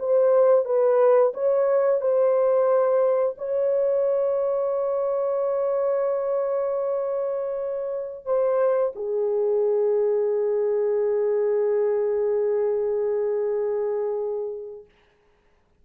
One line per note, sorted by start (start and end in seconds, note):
0.00 0.66 C5
0.66 1.33 B4
1.34 2.02 C#5
2.02 3.36 C5
3.38 8.26 C#5
8.26 8.93 C5
8.96 14.86 G#4